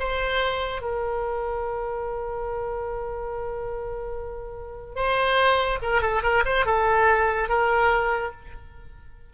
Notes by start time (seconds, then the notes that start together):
0.00 C5
0.82 A#4
4.96 C5
5.82 A#4
6.02 A4
6.23 A#4
6.46 C5
6.66 A4
7.49 A#4